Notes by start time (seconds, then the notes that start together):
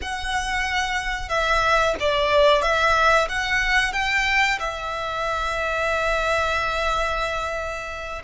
0.01 F#5
1.29 E5
1.99 D5
2.62 E5
3.28 F#5
3.92 G5
4.59 E5